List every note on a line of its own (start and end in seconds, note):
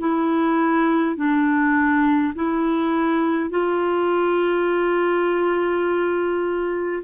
0.00 1.17 E4
1.17 2.34 D4
2.35 3.51 E4
3.51 7.04 F4